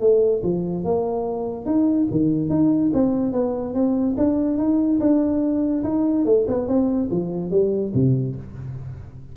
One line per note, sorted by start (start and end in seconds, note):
0.00 0.42 A3
0.43 0.84 F3
0.84 1.65 A#3
1.65 2.07 D#4
2.10 2.49 D#3
2.49 2.91 D#4
2.93 3.32 C4
3.32 3.73 B3
3.73 4.15 C4
4.17 4.57 D4
4.57 4.99 D#4
5.00 5.83 D4
5.83 6.25 D#4
6.25 6.46 A3
6.47 6.67 B3
6.67 7.09 C4
7.10 7.50 F3
7.50 7.92 G3
7.94 8.35 C3